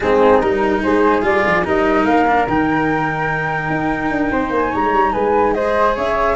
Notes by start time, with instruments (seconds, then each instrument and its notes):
0.00 tuba G#3, cello C4, flute D#4 G#4
0.41 tuba G3, cello D#4, flute A#4
0.82 tuba G#3, flute G#4 C5
1.22 tuba G3, cello F4, flute D5
1.45 tuba F3
1.64 tuba G3, cello D#4, flute A#4 D#5
2.04 tuba A#3, flute F5
2.27 cello D4
2.47 tuba D#3, cello D#4, flute G5
3.69 tuba D#4
4.10 tuba D4
4.31 tuba C4, flute C5
4.49 tuba A#3, flute G#5
4.70 tuba G#3, flute C#5 A#5
4.92 tuba G3
5.12 tuba G#3, flute B4 G#5
5.53 cello G#4, flute C5 D#5
5.95 tuba C#4, flute C#5 E5